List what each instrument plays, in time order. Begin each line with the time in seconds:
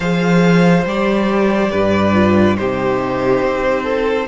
0.00 cello F3, viola G#4, violin C5 F5
0.85 cello G3, viola G4, violin D5
1.71 cello G2, violin B4
2.13 viola F4
2.56 cello C3, viola D#4, violin G4 C5
3.42 cello C4
3.83 violin A4